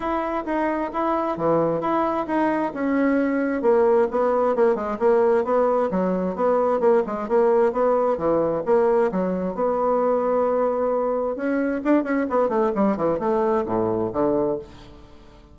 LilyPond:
\new Staff \with { instrumentName = "bassoon" } { \time 4/4 \tempo 4 = 132 e'4 dis'4 e'4 e4 | e'4 dis'4 cis'2 | ais4 b4 ais8 gis8 ais4 | b4 fis4 b4 ais8 gis8 |
ais4 b4 e4 ais4 | fis4 b2.~ | b4 cis'4 d'8 cis'8 b8 a8 | g8 e8 a4 a,4 d4 | }